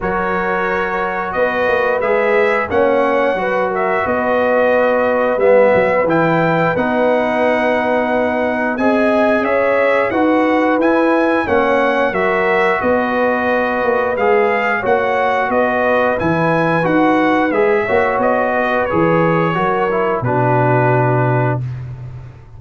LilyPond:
<<
  \new Staff \with { instrumentName = "trumpet" } { \time 4/4 \tempo 4 = 89 cis''2 dis''4 e''4 | fis''4. e''8 dis''2 | e''4 g''4 fis''2~ | fis''4 gis''4 e''4 fis''4 |
gis''4 fis''4 e''4 dis''4~ | dis''4 f''4 fis''4 dis''4 | gis''4 fis''4 e''4 dis''4 | cis''2 b'2 | }
  \new Staff \with { instrumentName = "horn" } { \time 4/4 ais'2 b'2 | cis''4 b'8 ais'8 b'2~ | b'1~ | b'4 dis''4 cis''4 b'4~ |
b'4 cis''4 ais'4 b'4~ | b'2 cis''4 b'4~ | b'2~ b'8 cis''4 b'8~ | b'4 ais'4 fis'2 | }
  \new Staff \with { instrumentName = "trombone" } { \time 4/4 fis'2. gis'4 | cis'4 fis'2. | b4 e'4 dis'2~ | dis'4 gis'2 fis'4 |
e'4 cis'4 fis'2~ | fis'4 gis'4 fis'2 | e'4 fis'4 gis'8 fis'4. | gis'4 fis'8 e'8 d'2 | }
  \new Staff \with { instrumentName = "tuba" } { \time 4/4 fis2 b8 ais8 gis4 | ais4 fis4 b2 | g8 fis8 e4 b2~ | b4 c'4 cis'4 dis'4 |
e'4 ais4 fis4 b4~ | b8 ais8 gis4 ais4 b4 | e4 dis'4 gis8 ais8 b4 | e4 fis4 b,2 | }
>>